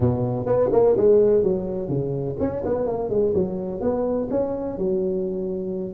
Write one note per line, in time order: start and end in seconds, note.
0.00 0.46 B2
0.46 0.69 B3
0.72 0.95 A#3
0.96 1.43 G#3
1.43 1.88 F#3
1.88 2.36 C#3
2.39 2.63 C#4
2.65 2.86 B3
2.86 3.09 A#3
3.09 3.33 G#3
3.34 3.81 F#3
3.81 4.28 B3
4.30 4.77 C#4
4.77 5.94 F#3